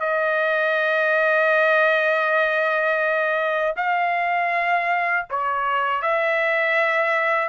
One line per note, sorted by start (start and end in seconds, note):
0.00 3.75 D#5
3.76 5.26 F5
5.30 6.02 C#5
6.02 7.49 E5